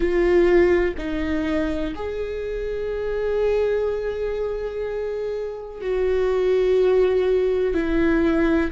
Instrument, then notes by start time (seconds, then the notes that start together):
viola
0.00 F4
0.97 D#4
1.95 G#4
5.81 F#4
7.74 E4